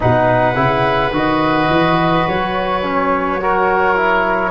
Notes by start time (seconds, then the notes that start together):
0.00 B2 D#4 B4 F#5
0.55 C#3 E4
1.11 D#3 F#4 D#5
1.69 E3
2.27 F#3 C#5
2.82 C#4
3.40 F#4 A#4
3.96 E4